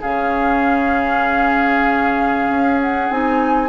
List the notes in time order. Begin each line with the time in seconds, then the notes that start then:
0.00 C#3 C#4 G#4 F5
2.49 C#4
2.80 F#5
3.09 C4 D#4 G#5